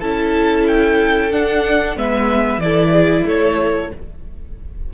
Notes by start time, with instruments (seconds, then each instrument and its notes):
0.00 cello C#4, viola E4, violin A4 A5
0.67 violin G5
1.31 cello D4, viola D4, violin F#5
1.96 cello G#3, viola B3, violin B4 E5
2.58 cello E3, viola E4, violin A4 D5
2.92 violin G#4
3.26 cello A3, violin A4 C#5